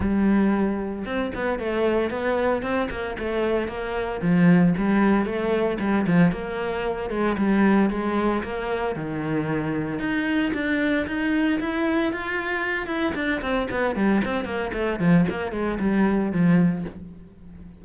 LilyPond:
\new Staff \with { instrumentName = "cello" } { \time 4/4 \tempo 4 = 114 g2 c'8 b8 a4 | b4 c'8 ais8 a4 ais4 | f4 g4 a4 g8 f8 | ais4. gis8 g4 gis4 |
ais4 dis2 dis'4 | d'4 dis'4 e'4 f'4~ | f'8 e'8 d'8 c'8 b8 g8 c'8 ais8 | a8 f8 ais8 gis8 g4 f4 | }